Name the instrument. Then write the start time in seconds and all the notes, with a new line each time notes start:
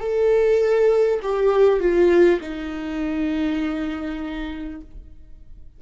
viola
0.00 A4
1.23 G4
1.81 F4
2.41 D#4